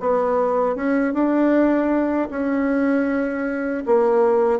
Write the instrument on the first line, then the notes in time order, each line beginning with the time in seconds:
bassoon
0.00 B3
0.76 C#4
1.13 D4
2.30 C#4
3.86 A#3